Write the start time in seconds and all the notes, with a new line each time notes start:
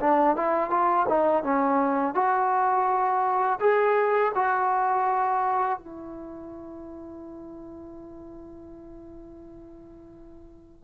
0.00 D4
0.36 E4
0.70 F4
1.09 D#4
1.43 C#4
2.15 F#4
3.60 G#4
4.35 F#4
5.79 E4